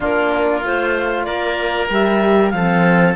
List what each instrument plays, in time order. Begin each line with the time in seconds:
0.00 cello A#3, horn D4, oboe F4, clarinet A#4
0.62 cello A3, horn F4, clarinet C5
1.23 cello A#3, oboe A#4, clarinet D5
1.89 cello G3, horn G4, clarinet E5
2.50 cello F3, horn C4, oboe A4, clarinet F5